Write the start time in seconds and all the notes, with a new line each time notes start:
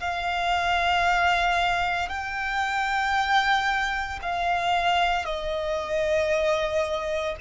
0.00 F5
2.09 G5
4.22 F5
5.25 D#5